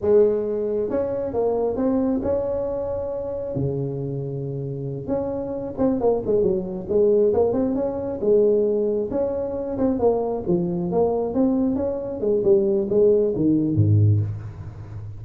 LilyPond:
\new Staff \with { instrumentName = "tuba" } { \time 4/4 \tempo 4 = 135 gis2 cis'4 ais4 | c'4 cis'2. | cis2.~ cis8 cis'8~ | cis'4 c'8 ais8 gis8 fis4 gis8~ |
gis8 ais8 c'8 cis'4 gis4.~ | gis8 cis'4. c'8 ais4 f8~ | f8 ais4 c'4 cis'4 gis8 | g4 gis4 dis4 gis,4 | }